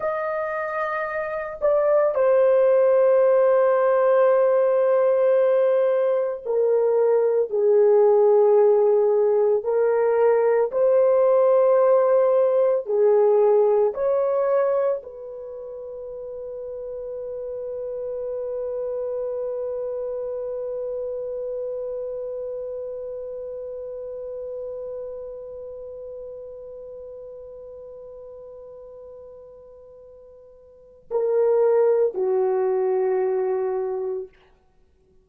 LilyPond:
\new Staff \with { instrumentName = "horn" } { \time 4/4 \tempo 4 = 56 dis''4. d''8 c''2~ | c''2 ais'4 gis'4~ | gis'4 ais'4 c''2 | gis'4 cis''4 b'2~ |
b'1~ | b'1~ | b'1~ | b'4 ais'4 fis'2 | }